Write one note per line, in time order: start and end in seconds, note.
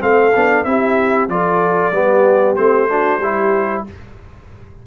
0.00 0.35 A3
0.00 0.32 C4
0.00 0.67 A4
0.00 0.64 F5
0.36 0.65 B3
0.36 0.66 D4
0.64 1.29 C4
0.64 1.30 E4
0.64 1.31 G4
0.64 1.28 E5
1.29 1.92 F3
1.29 1.93 F4
1.29 1.95 A4
1.29 2.56 D5
1.92 2.56 G3
1.92 2.57 B3
1.92 2.89 G4
2.56 3.19 A3
2.56 2.89 C4
2.56 3.84 C5
2.89 3.21 D4
2.89 3.21 F#4
3.19 3.83 G3
3.19 3.87 E4
3.19 3.85 G4